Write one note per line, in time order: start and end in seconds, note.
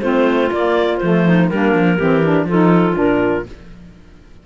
0.00 0.50 A3
0.00 0.51 C4
0.00 1.25 F4
0.00 0.49 C5
0.52 1.01 A#3
0.52 0.97 D5
0.97 1.51 F3
0.97 1.50 A3
0.97 1.47 C5
1.25 1.49 D#4
1.48 1.74 G3
1.48 2.00 A#3
1.48 1.97 D4
1.48 2.47 A#4
1.74 1.99 F3
1.97 2.44 E3
1.97 2.23 C4
1.97 2.46 G4
2.23 2.48 D4
2.44 2.94 F3
2.44 2.94 D#4
2.44 3.46 F4
2.44 2.97 A4
2.94 3.46 A#2
2.94 3.43 D4
2.94 3.46 A#4